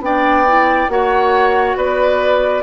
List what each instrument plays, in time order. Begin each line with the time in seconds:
0.00 bassoon B3, clarinet D4, oboe D5, flute G5
0.47 clarinet E4
0.89 bassoon A#3, clarinet F#4, oboe C#5, flute F#5
1.76 bassoon B3, oboe B4, flute D5